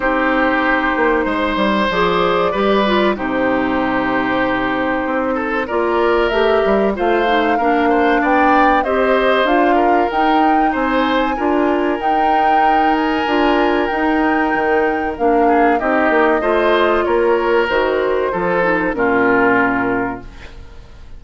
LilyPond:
<<
  \new Staff \with { instrumentName = "flute" } { \time 4/4 \tempo 4 = 95 c''2. d''4~ | d''4 c''2.~ | c''4 d''4 e''4 f''4~ | f''4 g''4 dis''4 f''4 |
g''4 gis''2 g''4~ | g''8 gis''4. g''2 | f''4 dis''2 cis''4 | c''2 ais'2 | }
  \new Staff \with { instrumentName = "oboe" } { \time 4/4 g'2 c''2 | b'4 g'2.~ | g'8 a'8 ais'2 c''4 | ais'8 c''8 d''4 c''4. ais'8~ |
ais'4 c''4 ais'2~ | ais'1~ | ais'8 gis'8 g'4 c''4 ais'4~ | ais'4 a'4 f'2 | }
  \new Staff \with { instrumentName = "clarinet" } { \time 4/4 dis'2. gis'4 | g'8 f'8 dis'2.~ | dis'4 f'4 g'4 f'8 dis'8 | d'2 g'4 f'4 |
dis'2 f'4 dis'4~ | dis'4 f'4 dis'2 | d'4 dis'4 f'2 | fis'4 f'8 dis'8 cis'2 | }
  \new Staff \with { instrumentName = "bassoon" } { \time 4/4 c'4. ais8 gis8 g8 f4 | g4 c2. | c'4 ais4 a8 g8 a4 | ais4 b4 c'4 d'4 |
dis'4 c'4 d'4 dis'4~ | dis'4 d'4 dis'4 dis4 | ais4 c'8 ais8 a4 ais4 | dis4 f4 ais,2 | }
>>